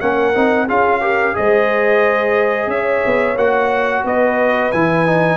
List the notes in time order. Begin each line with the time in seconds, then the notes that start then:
0.00 A#3 C#4 A#4 F#5
0.34 C4 D#4
0.66 C#4 F4 G#4 F5
1.01 G4 A#4
1.34 G#3 G#4 C5 D#5
2.67 C#4 C#5 E5
3.06 B3
3.36 A#3 F#4 F#5
4.04 B3 B4 D#5
4.72 E3 E4 G#5
5.06 D#4